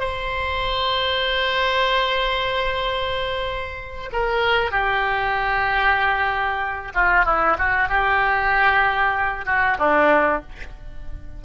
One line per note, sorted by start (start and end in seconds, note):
0.00 4.11 C5
4.13 4.72 A#4
4.72 6.93 G4
6.94 7.26 F4
7.26 7.57 E4
7.59 7.89 F#4
7.89 9.46 G4
9.46 9.78 F#4
9.79 10.42 D4